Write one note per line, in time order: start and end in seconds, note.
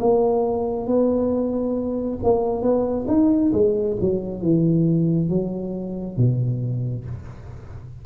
0.00 0.87 A#3
0.87 2.19 B3
2.23 2.62 A#3
2.62 3.06 B3
3.08 3.52 D#4
3.53 3.97 G#3
4.01 4.42 F#3
4.42 5.29 E3
5.29 6.17 F#3
6.17 7.05 B2